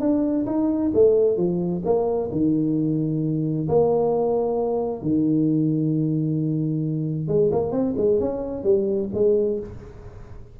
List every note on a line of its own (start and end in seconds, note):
0.00 0.45 D4
0.46 0.91 D#4
0.94 1.37 A3
1.37 1.82 F3
1.85 2.30 A#3
2.32 3.68 D#3
3.68 5.02 A#3
5.02 7.28 D#3
7.28 7.51 G#3
7.52 7.71 A#3
7.71 7.94 C4
7.97 8.20 G#3
8.20 8.64 C#4
8.64 9.09 G3
9.14 9.59 G#3